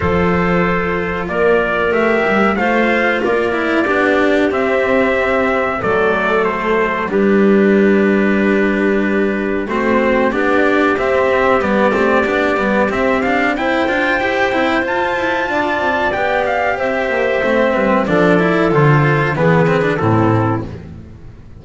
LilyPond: <<
  \new Staff \with { instrumentName = "trumpet" } { \time 4/4 \tempo 4 = 93 c''2 d''4 e''4 | f''4 d''2 e''4~ | e''4 d''4 c''4 b'4~ | b'2. c''4 |
d''4 e''4 d''2 | e''8 f''8 g''2 a''4~ | a''4 g''8 f''8 e''2 | d''4 c''4 b'4 a'4 | }
  \new Staff \with { instrumentName = "clarinet" } { \time 4/4 a'2 ais'2 | c''4 ais'4 g'2~ | g'4 a'2 g'4~ | g'2. fis'4 |
g'1~ | g'4 c''2. | d''2 c''4. b'8 | a'2 gis'4 e'4 | }
  \new Staff \with { instrumentName = "cello" } { \time 4/4 f'2. g'4 | f'4. e'8 d'4 c'4~ | c'4 a2 d'4~ | d'2. c'4 |
d'4 c'4 b8 c'8 d'8 b8 | c'8 d'8 e'8 f'8 g'8 e'8 f'4~ | f'4 g'2 c'4 | d'8 e'8 f'4 b8 c'16 d'16 c'4 | }
  \new Staff \with { instrumentName = "double bass" } { \time 4/4 f2 ais4 a8 g8 | a4 ais4 b4 c'4~ | c'4 fis2 g4~ | g2. a4 |
b4 c'4 g8 a8 b8 g8 | c'4. d'8 e'8 c'8 f'8 e'8 | d'8 c'8 b4 c'8 ais8 a8 g8 | f4 d4 e4 a,4 | }
>>